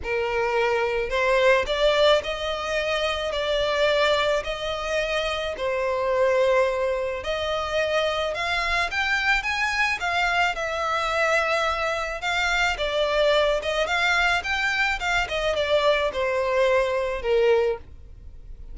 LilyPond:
\new Staff \with { instrumentName = "violin" } { \time 4/4 \tempo 4 = 108 ais'2 c''4 d''4 | dis''2 d''2 | dis''2 c''2~ | c''4 dis''2 f''4 |
g''4 gis''4 f''4 e''4~ | e''2 f''4 d''4~ | d''8 dis''8 f''4 g''4 f''8 dis''8 | d''4 c''2 ais'4 | }